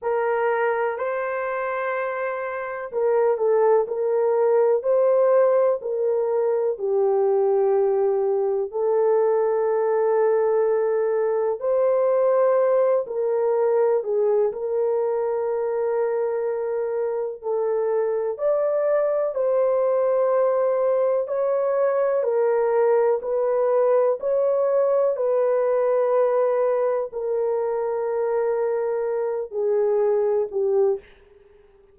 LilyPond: \new Staff \with { instrumentName = "horn" } { \time 4/4 \tempo 4 = 62 ais'4 c''2 ais'8 a'8 | ais'4 c''4 ais'4 g'4~ | g'4 a'2. | c''4. ais'4 gis'8 ais'4~ |
ais'2 a'4 d''4 | c''2 cis''4 ais'4 | b'4 cis''4 b'2 | ais'2~ ais'8 gis'4 g'8 | }